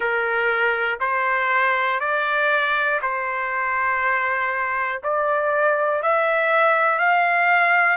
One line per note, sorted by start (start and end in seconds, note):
0.00 0.99 A#4
1.00 2.00 C5
2.00 3.00 D5
3.02 5.02 C5
5.03 6.02 D5
6.02 6.98 E5
6.98 7.96 F5